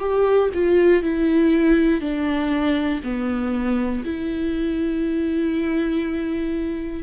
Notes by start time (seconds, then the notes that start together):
0.00 G4
0.55 F4
1.03 E4
2.01 D4
3.04 B3
4.05 E4